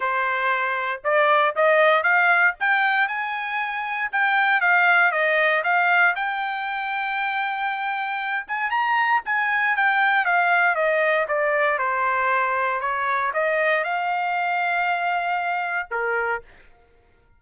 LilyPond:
\new Staff \with { instrumentName = "trumpet" } { \time 4/4 \tempo 4 = 117 c''2 d''4 dis''4 | f''4 g''4 gis''2 | g''4 f''4 dis''4 f''4 | g''1~ |
g''8 gis''8 ais''4 gis''4 g''4 | f''4 dis''4 d''4 c''4~ | c''4 cis''4 dis''4 f''4~ | f''2. ais'4 | }